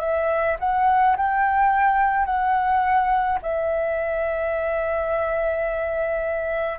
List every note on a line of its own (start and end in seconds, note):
0.00 0.57 E5
0.60 1.16 F#5
1.17 2.26 G5
2.26 3.39 F#5
3.43 6.79 E5